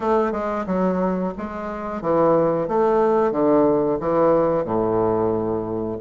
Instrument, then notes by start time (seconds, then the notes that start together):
bassoon
0.00 A3
0.32 G#3
0.66 F#3
1.37 G#3
2.01 E3
2.68 A3
3.32 D3
4.00 E3
4.64 A2